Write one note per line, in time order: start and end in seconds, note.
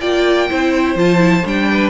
0.00 0.50 A#3
0.00 0.49 F4
0.00 0.48 D5
0.00 0.96 G5
0.49 0.95 C4
0.49 0.97 E4
0.49 1.70 C5
0.95 1.43 F3
0.95 1.18 F4
0.95 1.47 A5
1.18 1.42 E4
1.45 1.89 G3
1.45 1.89 D4
1.45 1.89 G5
1.71 1.89 B4